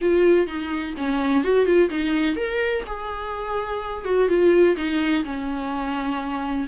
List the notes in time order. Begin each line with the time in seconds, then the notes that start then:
0.01 F4
0.46 D#4
0.97 C#4
1.44 F#4
1.65 F4
1.89 D#4
2.36 A#4
2.86 G#4
4.04 F#4
4.28 F4
4.76 D#4
5.24 C#4